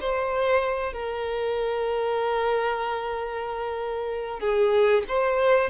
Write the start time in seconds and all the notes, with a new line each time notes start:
0.00 C5
0.93 A#4
4.40 G#4
5.08 C5